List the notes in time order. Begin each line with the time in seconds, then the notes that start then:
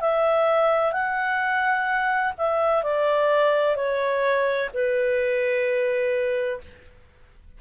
0.00 E5
0.92 F#5
2.37 E5
2.83 D5
3.75 C#5
4.73 B4